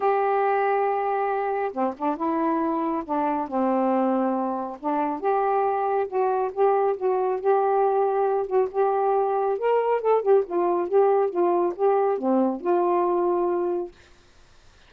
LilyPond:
\new Staff \with { instrumentName = "saxophone" } { \time 4/4 \tempo 4 = 138 g'1 | c'8 d'8 e'2 d'4 | c'2. d'4 | g'2 fis'4 g'4 |
fis'4 g'2~ g'8 fis'8 | g'2 ais'4 a'8 g'8 | f'4 g'4 f'4 g'4 | c'4 f'2. | }